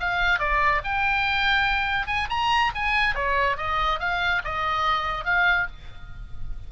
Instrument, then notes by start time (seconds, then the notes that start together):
oboe
0.00 F5
0.40 D5
0.84 G5
2.07 G#5
2.30 A#5
2.75 G#5
3.15 C#5
3.57 D#5
4.00 F5
4.44 D#5
5.25 F5